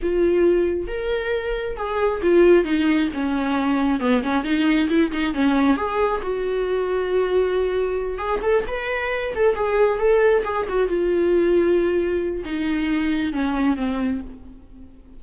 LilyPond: \new Staff \with { instrumentName = "viola" } { \time 4/4 \tempo 4 = 135 f'2 ais'2 | gis'4 f'4 dis'4 cis'4~ | cis'4 b8 cis'8 dis'4 e'8 dis'8 | cis'4 gis'4 fis'2~ |
fis'2~ fis'8 gis'8 a'8 b'8~ | b'4 a'8 gis'4 a'4 gis'8 | fis'8 f'2.~ f'8 | dis'2 cis'4 c'4 | }